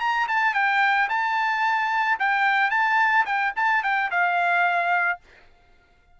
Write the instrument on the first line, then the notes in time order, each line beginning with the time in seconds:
trumpet
0.00 A#5
0.28 A5
0.54 G5
1.09 A5
2.19 G5
2.71 A5
3.26 G5
3.56 A5
3.83 G5
4.11 F5